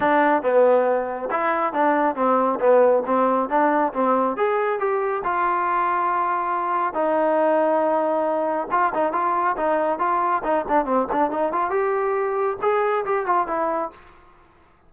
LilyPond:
\new Staff \with { instrumentName = "trombone" } { \time 4/4 \tempo 4 = 138 d'4 b2 e'4 | d'4 c'4 b4 c'4 | d'4 c'4 gis'4 g'4 | f'1 |
dis'1 | f'8 dis'8 f'4 dis'4 f'4 | dis'8 d'8 c'8 d'8 dis'8 f'8 g'4~ | g'4 gis'4 g'8 f'8 e'4 | }